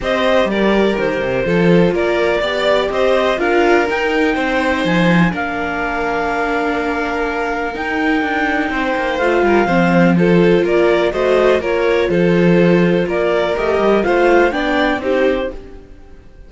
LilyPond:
<<
  \new Staff \with { instrumentName = "clarinet" } { \time 4/4 \tempo 4 = 124 dis''4 d''4 c''2 | d''2 dis''4 f''4 | g''2 gis''4 f''4~ | f''1 |
g''2. f''4~ | f''4 c''4 d''4 dis''4 | cis''4 c''2 d''4 | dis''4 f''4 g''4 c''4 | }
  \new Staff \with { instrumentName = "violin" } { \time 4/4 c''4 ais'2 a'4 | ais'4 d''4 c''4 ais'4~ | ais'4 c''2 ais'4~ | ais'1~ |
ais'2 c''4. ais'8 | c''4 a'4 ais'4 c''4 | ais'4 a'2 ais'4~ | ais'4 c''4 d''4 g'4 | }
  \new Staff \with { instrumentName = "viola" } { \time 4/4 g'2. f'4~ | f'4 g'2 f'4 | dis'2. d'4~ | d'1 |
dis'2. f'4 | c'4 f'2 fis'4 | f'1 | g'4 f'4 d'4 dis'4 | }
  \new Staff \with { instrumentName = "cello" } { \time 4/4 c'4 g4 dis8 c8 f4 | ais4 b4 c'4 d'4 | dis'4 c'4 f4 ais4~ | ais1 |
dis'4 d'4 c'8 ais8 a8 g8 | f2 ais4 a4 | ais4 f2 ais4 | a8 g8 a4 b4 c'4 | }
>>